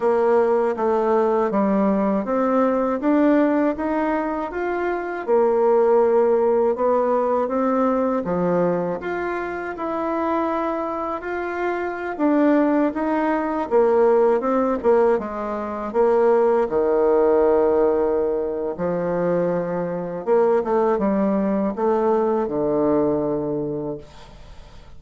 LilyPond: \new Staff \with { instrumentName = "bassoon" } { \time 4/4 \tempo 4 = 80 ais4 a4 g4 c'4 | d'4 dis'4 f'4 ais4~ | ais4 b4 c'4 f4 | f'4 e'2 f'4~ |
f'16 d'4 dis'4 ais4 c'8 ais16~ | ais16 gis4 ais4 dis4.~ dis16~ | dis4 f2 ais8 a8 | g4 a4 d2 | }